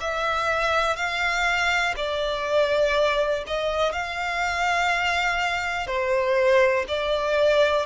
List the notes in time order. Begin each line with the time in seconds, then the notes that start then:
0.00 E5
0.96 F5
1.96 D5
3.46 D#5
3.92 F5
5.87 C5
6.88 D5